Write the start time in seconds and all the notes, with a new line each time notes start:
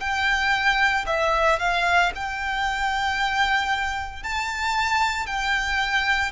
0.00 G5
1.07 E5
1.60 F5
2.15 G5
4.23 A5
5.27 G5